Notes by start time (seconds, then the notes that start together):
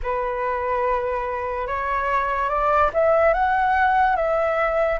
0.02 B4
1.67 C#5
2.49 D5
2.93 E5
3.33 F#5
4.16 E5